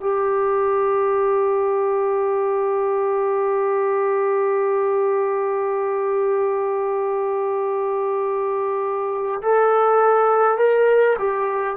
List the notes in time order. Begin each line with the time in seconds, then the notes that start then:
0.00 G4
9.42 A4
10.57 A#4
11.19 G4